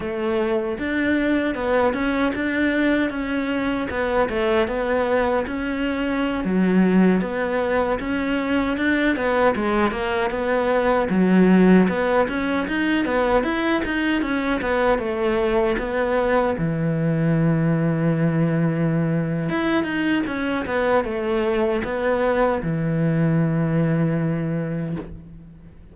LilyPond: \new Staff \with { instrumentName = "cello" } { \time 4/4 \tempo 4 = 77 a4 d'4 b8 cis'8 d'4 | cis'4 b8 a8 b4 cis'4~ | cis'16 fis4 b4 cis'4 d'8 b16~ | b16 gis8 ais8 b4 fis4 b8 cis'16~ |
cis'16 dis'8 b8 e'8 dis'8 cis'8 b8 a8.~ | a16 b4 e2~ e8.~ | e4 e'8 dis'8 cis'8 b8 a4 | b4 e2. | }